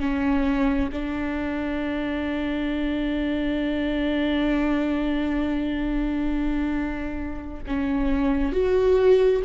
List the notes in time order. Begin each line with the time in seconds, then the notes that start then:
0.00 C#4
0.92 D4
7.67 C#4
8.53 F#4